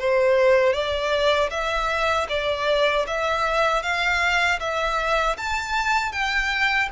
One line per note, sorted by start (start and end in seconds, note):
0.00 0.73 C5
0.73 1.50 D5
1.51 2.28 E5
2.29 3.06 D5
3.07 3.83 E5
3.83 4.60 F5
4.60 5.37 E5
5.37 6.13 A5
6.13 6.89 G5